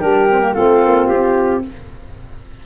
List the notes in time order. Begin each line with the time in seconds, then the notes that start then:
0.00 G3 D4 G4 A#4
0.31 C4
0.41 A#3
0.54 A3 C4 F4 A4
0.85 A#3
1.07 C4 G4